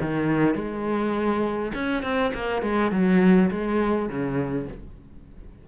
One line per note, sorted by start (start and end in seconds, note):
0.00 0.54 D#3
0.54 1.72 G#3
1.74 2.03 C#4
2.03 2.32 C4
2.34 2.62 A#3
2.62 2.91 G#3
2.91 3.50 F#3
3.51 4.09 G#3
4.09 4.67 C#3